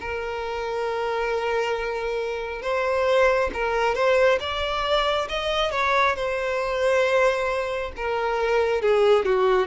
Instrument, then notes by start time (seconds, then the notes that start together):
violin
0.00 A#4
2.62 C5
3.53 A#4
3.94 C5
4.40 D5
5.29 D#5
5.71 C#5
6.15 C5
7.96 A#4
8.81 G#4
9.25 F#4